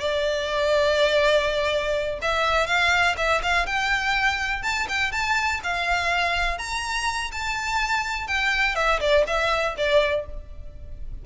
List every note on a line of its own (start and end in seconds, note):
0.00 2.20 D5
2.22 2.67 E5
2.67 3.16 F5
3.17 3.42 E5
3.43 3.66 F5
3.66 4.63 G5
4.63 4.87 A5
4.89 5.12 G5
5.12 5.61 A5
5.64 6.58 F5
6.58 7.31 A#5
7.32 8.28 A5
8.28 8.76 G5
8.76 9.00 E5
9.00 9.25 D5
9.27 9.76 E5
9.77 10.26 D5